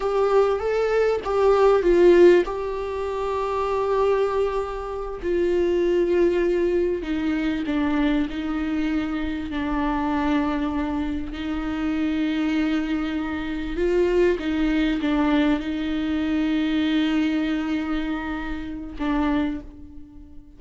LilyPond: \new Staff \with { instrumentName = "viola" } { \time 4/4 \tempo 4 = 98 g'4 a'4 g'4 f'4 | g'1~ | g'8 f'2. dis'8~ | dis'8 d'4 dis'2 d'8~ |
d'2~ d'8 dis'4.~ | dis'2~ dis'8 f'4 dis'8~ | dis'8 d'4 dis'2~ dis'8~ | dis'2. d'4 | }